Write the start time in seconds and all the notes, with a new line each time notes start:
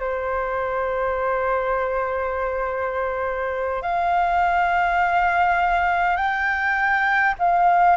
0.00 C5
3.82 F5
6.17 G5
7.39 F5